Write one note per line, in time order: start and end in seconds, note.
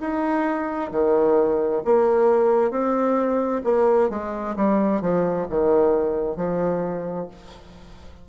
0.00 0.91 D#4
0.91 1.82 D#3
1.84 2.70 A#3
2.70 3.61 C4
3.64 4.09 A#3
4.10 4.55 G#3
4.56 5.01 G3
5.01 5.47 F3
5.50 6.36 D#3
6.36 7.27 F3